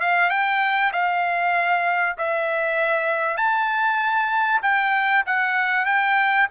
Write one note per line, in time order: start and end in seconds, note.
0.00 0.30 F5
0.30 0.91 G5
0.92 2.16 F5
2.18 3.37 E5
3.37 4.61 A5
4.62 5.24 G5
5.26 5.85 F#5
5.85 6.47 G5